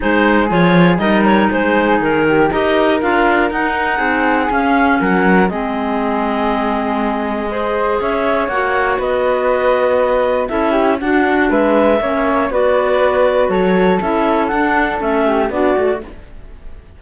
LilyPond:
<<
  \new Staff \with { instrumentName = "clarinet" } { \time 4/4 \tempo 4 = 120 c''4 cis''4 dis''8 cis''8 c''4 | ais'4 dis''4 f''4 fis''4~ | fis''4 f''4 fis''4 dis''4~ | dis''1 |
e''4 fis''4 dis''2~ | dis''4 e''4 fis''4 e''4~ | e''4 d''2 cis''4 | e''4 fis''4 e''4 d''4 | }
  \new Staff \with { instrumentName = "flute" } { \time 4/4 gis'2 ais'4 gis'4~ | gis'8 g'8 ais'2. | gis'2 ais'4 gis'4~ | gis'2. c''4 |
cis''2 b'2~ | b'4 a'8 g'8 fis'4 b'4 | cis''4 b'2 a'4~ | a'2~ a'8 g'8 fis'4 | }
  \new Staff \with { instrumentName = "clarinet" } { \time 4/4 dis'4 f'4 dis'2~ | dis'4 g'4 f'4 dis'4~ | dis'4 cis'2 c'4~ | c'2. gis'4~ |
gis'4 fis'2.~ | fis'4 e'4 d'2 | cis'4 fis'2. | e'4 d'4 cis'4 d'8 fis'8 | }
  \new Staff \with { instrumentName = "cello" } { \time 4/4 gis4 f4 g4 gis4 | dis4 dis'4 d'4 dis'4 | c'4 cis'4 fis4 gis4~ | gis1 |
cis'4 ais4 b2~ | b4 cis'4 d'4 gis4 | ais4 b2 fis4 | cis'4 d'4 a4 b8 a8 | }
>>